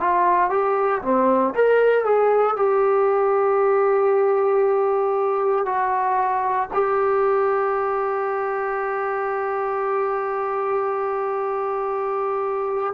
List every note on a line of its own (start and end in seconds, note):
0.00 0.50 F4
0.50 1.02 G4
1.03 1.54 C4
1.55 2.05 A#4
2.05 2.56 G#4
2.56 5.66 G4
5.66 6.69 F#4
6.73 12.94 G4